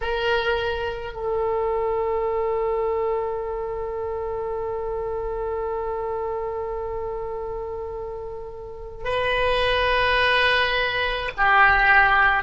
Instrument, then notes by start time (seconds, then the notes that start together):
oboe
0.01 A#4
1.13 A4
9.04 B4
11.37 G4